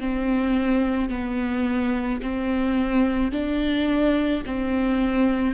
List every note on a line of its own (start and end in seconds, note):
0.00 1.10 C4
1.10 2.21 B3
2.22 3.32 C4
3.32 4.43 D4
4.46 5.55 C4